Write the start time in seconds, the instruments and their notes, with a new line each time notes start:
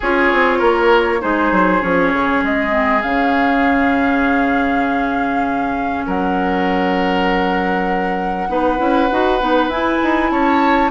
0.00 bassoon C#4, clarinet F4, oboe G#4, flute C#5
0.32 bassoon C4
0.58 bassoon A#3, oboe A#4
1.20 bassoon G#3, clarinet D#4, oboe G#4, flute C5
1.51 bassoon F#3
1.81 bassoon F3, clarinet C#4, flute C#5
2.12 bassoon C#3
2.43 bassoon G#3, flute D#5
2.70 clarinet C4
3.02 bassoon C#3, clarinet C#4, flute F5
6.06 bassoon F#3, oboe A#4, flute F#5
8.48 bassoon B3, clarinet D#4, oboe B4
8.78 bassoon C#4, clarinet E4
9.11 bassoon D#4, clarinet F#4
9.39 bassoon B3, clarinet D#4
9.68 bassoon E4, clarinet E4, flute G#5
10.03 bassoon D#4
10.30 bassoon C#4, oboe C#5, flute A5